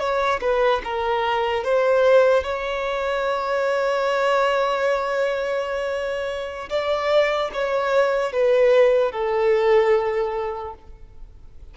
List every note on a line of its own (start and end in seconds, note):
0.00 0.41 C#5
0.41 0.82 B4
0.84 1.65 A#4
1.65 2.44 C5
2.44 6.70 C#5
6.70 7.51 D5
7.54 8.33 C#5
8.33 9.12 B4
9.12 10.74 A4